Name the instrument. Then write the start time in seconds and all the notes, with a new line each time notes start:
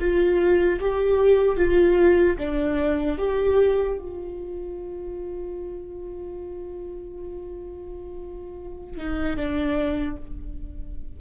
viola
0.00 F4
0.80 G4
1.57 F4
2.38 D4
3.18 G4
3.98 F4
8.97 D#4
9.37 D4